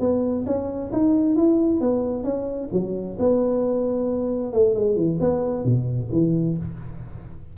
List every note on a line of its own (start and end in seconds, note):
0.00 0.45 B3
0.46 0.91 C#4
0.92 1.36 D#4
1.36 1.81 E4
1.81 2.24 B3
2.24 2.69 C#4
2.73 3.18 F#3
3.19 4.53 B3
4.53 4.75 A3
4.75 4.96 G#3
4.96 5.19 E3
5.20 5.65 B3
5.65 6.10 B2
6.12 6.57 E3